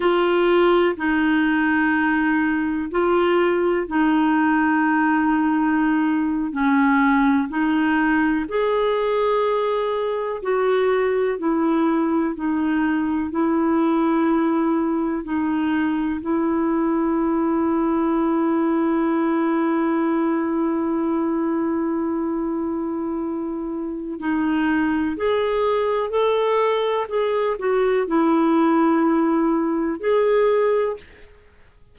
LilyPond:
\new Staff \with { instrumentName = "clarinet" } { \time 4/4 \tempo 4 = 62 f'4 dis'2 f'4 | dis'2~ dis'8. cis'4 dis'16~ | dis'8. gis'2 fis'4 e'16~ | e'8. dis'4 e'2 dis'16~ |
dis'8. e'2.~ e'16~ | e'1~ | e'4 dis'4 gis'4 a'4 | gis'8 fis'8 e'2 gis'4 | }